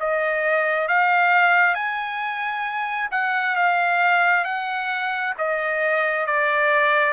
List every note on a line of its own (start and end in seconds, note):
0.00 0.88 D#5
0.88 1.74 F5
1.74 3.09 G#5
3.11 3.56 F#5
3.56 4.45 F5
4.45 5.34 F#5
5.38 6.26 D#5
6.26 7.13 D5